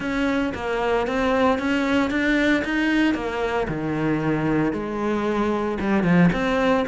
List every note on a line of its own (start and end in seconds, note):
0.00 0.53 C#4
0.54 1.07 A#3
1.07 1.58 C4
1.58 2.10 C#4
2.10 2.63 D4
2.64 3.14 D#4
3.14 3.67 A#3
3.68 4.72 D#3
4.72 5.78 G#3
5.80 6.03 G3
6.03 6.29 F3
6.32 6.85 C4